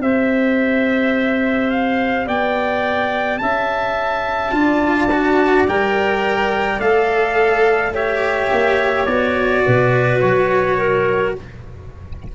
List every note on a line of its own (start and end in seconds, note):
0.00 2.26 C4
0.00 4.51 G4
0.00 2.26 C5
0.00 1.70 E5
1.70 2.27 F5
2.26 3.40 B3
2.26 3.39 D5
2.26 3.38 G5
3.38 4.52 C#4
3.38 4.54 E5
3.38 5.64 A5
4.51 5.65 D4
4.51 5.08 F4
4.51 7.93 D5
5.11 5.67 F#4
5.67 6.78 G3
5.67 6.81 A#4
5.67 6.80 G5
6.78 8.48 A3
6.78 7.94 A4
6.78 7.93 F5
7.93 9.07 G4
7.93 9.63 C#5
7.93 9.05 E5
8.51 9.07 A#3
9.05 9.63 B3
9.05 11.35 F#4
9.05 10.19 D5
9.64 10.22 B2
9.64 10.78 B4
10.20 11.35 F#3
10.20 11.33 C#5
10.78 11.34 A#4